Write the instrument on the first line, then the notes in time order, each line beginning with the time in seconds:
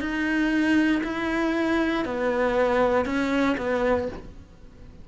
cello
0.00 D#4
1.04 E4
2.05 B3
3.06 C#4
3.57 B3